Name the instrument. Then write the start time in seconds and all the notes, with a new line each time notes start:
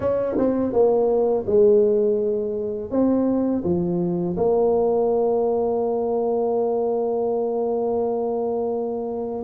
tuba
0.00 C#4
0.37 C4
0.72 A#3
1.46 G#3
2.90 C4
3.63 F3
4.37 A#3